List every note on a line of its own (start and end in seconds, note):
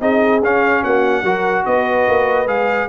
0.00 0.41 C4
0.00 0.42 D#4
0.00 0.82 G#4
0.00 0.42 D#5
0.41 0.82 C#4
0.41 1.25 C#4
0.41 0.84 F5
0.82 1.22 A#3
0.82 1.23 F#4
0.82 1.65 F#5
1.22 1.63 F#3
1.22 2.47 F#4
1.22 1.64 A#4
1.65 2.07 B3
1.65 2.89 B4
1.65 2.47 D#5
2.08 2.46 A#3
2.46 2.87 G#3
2.46 2.88 G#4
2.46 2.89 F5